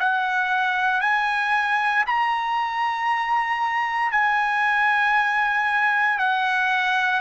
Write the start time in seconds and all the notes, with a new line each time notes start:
0.00 F#5
1.01 G#5
2.07 A#5
4.12 G#5
6.19 F#5